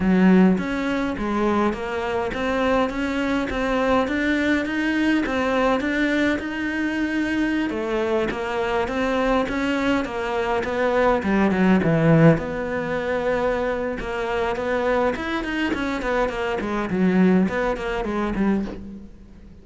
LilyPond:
\new Staff \with { instrumentName = "cello" } { \time 4/4 \tempo 4 = 103 fis4 cis'4 gis4 ais4 | c'4 cis'4 c'4 d'4 | dis'4 c'4 d'4 dis'4~ | dis'4~ dis'16 a4 ais4 c'8.~ |
c'16 cis'4 ais4 b4 g8 fis16~ | fis16 e4 b2~ b8. | ais4 b4 e'8 dis'8 cis'8 b8 | ais8 gis8 fis4 b8 ais8 gis8 g8 | }